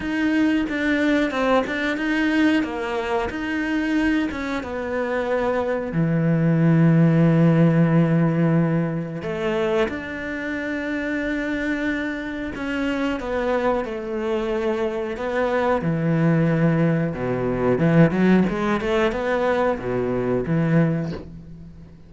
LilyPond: \new Staff \with { instrumentName = "cello" } { \time 4/4 \tempo 4 = 91 dis'4 d'4 c'8 d'8 dis'4 | ais4 dis'4. cis'8 b4~ | b4 e2.~ | e2 a4 d'4~ |
d'2. cis'4 | b4 a2 b4 | e2 b,4 e8 fis8 | gis8 a8 b4 b,4 e4 | }